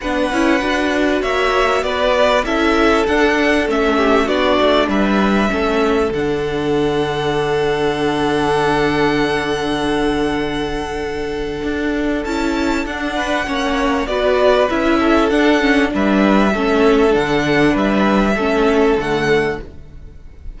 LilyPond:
<<
  \new Staff \with { instrumentName = "violin" } { \time 4/4 \tempo 4 = 98 fis''2 e''4 d''4 | e''4 fis''4 e''4 d''4 | e''2 fis''2~ | fis''1~ |
fis''1 | a''4 fis''2 d''4 | e''4 fis''4 e''2 | fis''4 e''2 fis''4 | }
  \new Staff \with { instrumentName = "violin" } { \time 4/4 b'2 cis''4 b'4 | a'2~ a'8 g'8 fis'4 | b'4 a'2.~ | a'1~ |
a'1~ | a'4. b'8 cis''4 b'4~ | b'8 a'4. b'4 a'4~ | a'4 b'4 a'2 | }
  \new Staff \with { instrumentName = "viola" } { \time 4/4 d'8 e'8 fis'2. | e'4 d'4 cis'4 d'4~ | d'4 cis'4 d'2~ | d'1~ |
d'1 | e'4 d'4 cis'4 fis'4 | e'4 d'8 cis'8 d'4 cis'4 | d'2 cis'4 a4 | }
  \new Staff \with { instrumentName = "cello" } { \time 4/4 b8 cis'8 d'4 ais4 b4 | cis'4 d'4 a4 b8 a8 | g4 a4 d2~ | d1~ |
d2. d'4 | cis'4 d'4 ais4 b4 | cis'4 d'4 g4 a4 | d4 g4 a4 d4 | }
>>